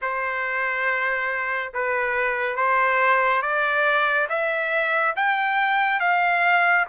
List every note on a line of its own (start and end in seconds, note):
0.01 1.73 C5
1.73 2.56 B4
2.56 3.41 C5
3.41 4.27 D5
4.29 5.14 E5
5.15 6.00 G5
6.00 6.85 F5